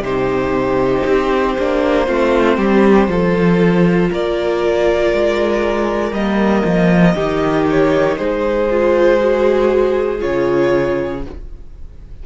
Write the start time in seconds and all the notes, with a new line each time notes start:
0.00 C3 D#4 G4 C5
1.06 C4
1.58 A#3 D4
2.06 A3 C4 F4
2.57 G3 G4
3.08 F3 F4 A4
4.10 A#3 A#4 D5
5.13 G#3
6.11 G3 A#3 D#5
6.65 F3
7.14 D#3 D#4 G4
7.70 C#5
8.18 G#3 G#4 C5
8.70 F4
9.20 F#4
10.19 C#3 F4 C#5